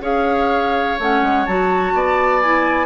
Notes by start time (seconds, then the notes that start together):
0.00 C#4 G#4 C#5 F5
0.99 A3 C#4 F#5
1.22 G#3
1.46 F#3 F#4 A5
1.93 B3 D5
2.41 E4 G#5